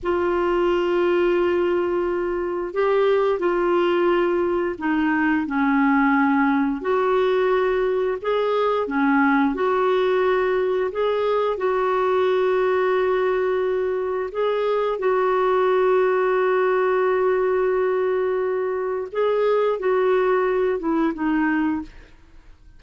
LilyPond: \new Staff \with { instrumentName = "clarinet" } { \time 4/4 \tempo 4 = 88 f'1 | g'4 f'2 dis'4 | cis'2 fis'2 | gis'4 cis'4 fis'2 |
gis'4 fis'2.~ | fis'4 gis'4 fis'2~ | fis'1 | gis'4 fis'4. e'8 dis'4 | }